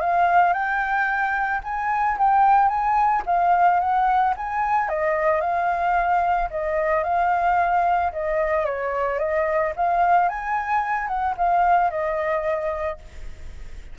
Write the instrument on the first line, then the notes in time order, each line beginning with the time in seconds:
flute
0.00 F5
0.53 G5
1.63 G#5
2.17 G5
2.68 G#5
3.26 F5
3.80 F#5
4.36 G#5
4.88 D#5
5.41 F5
6.50 D#5
7.03 F5
8.12 D#5
8.65 C#5
9.19 D#5
9.76 F5
10.29 G#5
11.07 F#5
11.37 F5
11.90 D#5